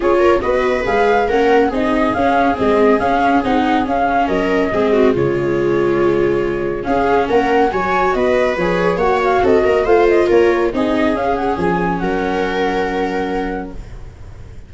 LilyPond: <<
  \new Staff \with { instrumentName = "flute" } { \time 4/4 \tempo 4 = 140 cis''4 dis''4 f''4 fis''4 | dis''4 f''4 dis''4 f''4 | fis''4 f''4 dis''2 | cis''1 |
f''4 fis''4 gis''4 dis''4 | cis''4 fis''8 f''8 dis''4 f''8 dis''8 | cis''4 dis''4 f''8 fis''8 gis''4 | fis''1 | }
  \new Staff \with { instrumentName = "viola" } { \time 4/4 gis'8 ais'8 b'2 ais'4 | gis'1~ | gis'2 ais'4 gis'8 fis'8 | f'1 |
gis'4 ais'4 cis''4 b'4~ | b'4 cis''4 a'8 ais'8 c''4 | ais'4 gis'2. | ais'1 | }
  \new Staff \with { instrumentName = "viola" } { \time 4/4 f'4 fis'4 gis'4 cis'4 | dis'4 cis'4 c'4 cis'4 | dis'4 cis'2 c'4 | gis1 |
cis'2 fis'2 | gis'4 fis'2 f'4~ | f'4 dis'4 cis'2~ | cis'1 | }
  \new Staff \with { instrumentName = "tuba" } { \time 4/4 cis'4 b4 gis4 ais4 | c'4 cis'4 gis4 cis'4 | c'4 cis'4 fis4 gis4 | cis1 |
cis'4 ais4 fis4 b4 | f4 ais4 c'8 ais8 a4 | ais4 c'4 cis'4 f4 | fis1 | }
>>